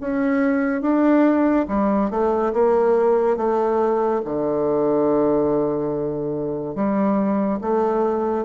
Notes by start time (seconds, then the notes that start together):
0.00 C#4
0.81 D4
1.67 G3
2.10 A3
2.53 A#3
3.36 A3
4.24 D3
6.75 G3
7.61 A3